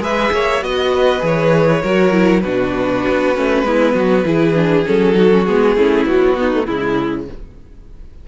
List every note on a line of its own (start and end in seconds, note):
0.00 0.31 G#3
0.00 0.61 G#4
0.00 0.33 B4
0.00 0.65 E5
0.32 0.62 A#3
0.32 0.64 C#5
0.62 1.22 B3
0.62 1.20 F#4
0.62 0.94 D#5
0.62 1.26 D#5
0.94 1.82 B4
1.20 1.83 E3
1.20 1.81 G#4
1.26 2.41 C#5
1.82 2.45 F#3
1.82 2.12 F#4
1.82 2.43 A#4
2.12 2.43 E4
2.41 3.05 B2
2.41 3.36 D4
2.41 3.64 F#4
2.41 4.83 B4
3.08 3.38 B3
3.36 3.63 A3
3.36 3.65 C#4
3.63 3.94 G#3
3.63 4.25 B3
3.63 3.95 E4
3.94 4.25 F#3
3.94 4.25 F#4
4.25 4.86 E3
4.25 4.55 E4
4.25 5.18 G#4
4.55 4.85 D4
4.86 5.50 F#3
4.86 5.15 C#4
4.86 5.46 A4
5.15 5.30 D#4
5.15 5.78 F#4
5.31 5.47 C#4
5.46 5.76 G#3
5.46 5.77 B3
5.46 6.07 G#4
5.76 6.06 A3
5.76 6.07 C#4
5.76 6.38 E4
6.06 6.37 F#3
6.06 6.67 B3
6.06 6.66 F#4
6.37 6.53 B3
6.37 6.67 D#4
6.54 6.68 A3
6.66 7.29 C#3
6.66 7.28 G#3
6.66 7.27 E4
6.66 7.28 E4